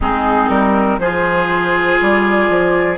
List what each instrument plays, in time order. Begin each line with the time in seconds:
0.00 bassoon G#3, clarinet C4, oboe D#4, flute G#4
0.48 bassoon G3, flute A#4
0.98 bassoon F3, clarinet F4, oboe G#4, flute C5
2.01 bassoon G3, flute D5
2.49 bassoon F3